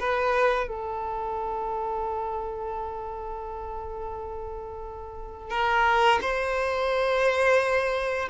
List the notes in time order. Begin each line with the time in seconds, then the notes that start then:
0.00 B4
0.68 A4
5.50 A#4
6.22 C5